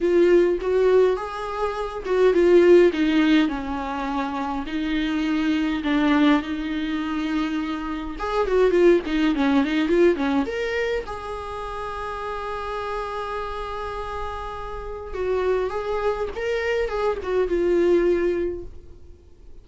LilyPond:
\new Staff \with { instrumentName = "viola" } { \time 4/4 \tempo 4 = 103 f'4 fis'4 gis'4. fis'8 | f'4 dis'4 cis'2 | dis'2 d'4 dis'4~ | dis'2 gis'8 fis'8 f'8 dis'8 |
cis'8 dis'8 f'8 cis'8 ais'4 gis'4~ | gis'1~ | gis'2 fis'4 gis'4 | ais'4 gis'8 fis'8 f'2 | }